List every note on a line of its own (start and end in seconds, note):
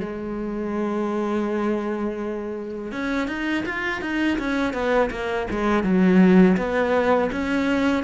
0.00 2.92 G#3
2.92 3.28 C#4
3.28 3.65 D#4
3.66 4.02 F4
4.02 4.38 D#4
4.39 4.74 C#4
4.74 5.10 B3
5.11 5.47 A#3
5.51 5.84 G#3
5.84 6.57 F#3
6.57 7.30 B3
7.32 8.04 C#4